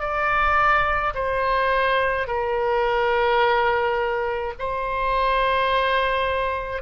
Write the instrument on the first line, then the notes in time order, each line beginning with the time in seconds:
oboe
0.00 D5
1.14 C5
2.27 A#4
4.58 C5